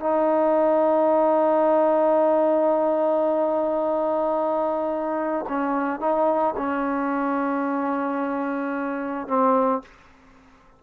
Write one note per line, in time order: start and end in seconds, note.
0.00 5.45 D#4
5.48 6.00 C#4
6.00 6.54 D#4
6.57 9.27 C#4
9.27 9.82 C4